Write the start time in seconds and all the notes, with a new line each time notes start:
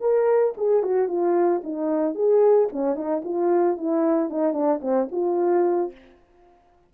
0.00 A#4
0.57 G#4
0.83 F#4
1.07 F4
1.63 D#4
2.15 G#4
2.72 C#4
2.95 D#4
3.24 F4
3.77 E4
4.29 D#4
4.53 D4
4.81 C4
5.11 F4